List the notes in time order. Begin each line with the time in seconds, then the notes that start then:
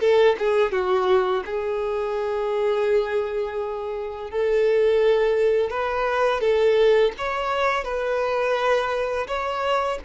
0.00 A4
0.39 G#4
0.72 F#4
1.45 G#4
4.31 A4
5.70 B4
6.41 A4
7.18 C#5
7.84 B4
9.27 C#5